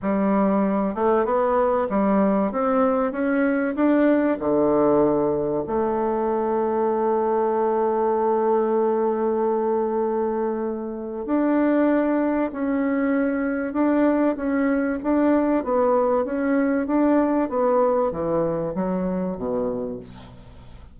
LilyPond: \new Staff \with { instrumentName = "bassoon" } { \time 4/4 \tempo 4 = 96 g4. a8 b4 g4 | c'4 cis'4 d'4 d4~ | d4 a2.~ | a1~ |
a2 d'2 | cis'2 d'4 cis'4 | d'4 b4 cis'4 d'4 | b4 e4 fis4 b,4 | }